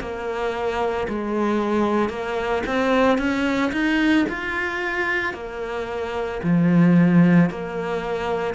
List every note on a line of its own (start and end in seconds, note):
0.00 1.07 A#3
1.09 2.09 G#3
2.09 2.63 A#3
2.66 3.18 C4
3.18 3.72 C#4
3.72 4.26 D#4
4.29 5.34 F4
5.34 6.41 A#3
6.43 7.50 F3
7.50 8.55 A#3